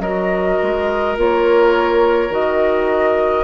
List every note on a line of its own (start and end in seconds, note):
0.00 0.58 F#3
0.00 1.18 F#4
0.00 3.44 A#4
0.00 1.17 D#5
0.63 1.17 G#3
1.17 2.30 A#3
1.17 2.30 F4
1.17 2.33 C#5
2.30 3.44 D#3
2.30 3.44 F#4
2.30 3.44 D#5